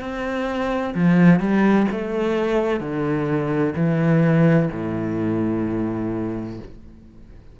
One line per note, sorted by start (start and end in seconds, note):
0.00 0.94 C4
0.95 1.39 F3
1.39 1.86 G3
1.91 2.80 A3
2.80 3.74 D3
3.75 4.69 E3
4.72 6.59 A2